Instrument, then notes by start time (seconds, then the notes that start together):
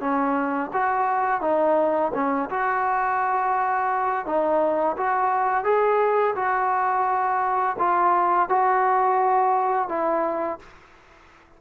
trombone
0.00 C#4
0.73 F#4
1.41 D#4
2.14 C#4
2.50 F#4
4.26 D#4
4.97 F#4
5.64 G#4
6.35 F#4
7.78 F4
8.49 F#4
9.88 E4